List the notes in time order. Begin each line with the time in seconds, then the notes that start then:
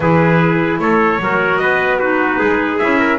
0.00 E3 E4 G#4 B4
0.79 A3 A4 C#5
1.19 F#3 F#4 A#4
1.57 B3 B4 D#5
1.98 D#4 F#4 B4
2.38 G#3 G#4
2.78 C#4 E4 E5
2.99 A#4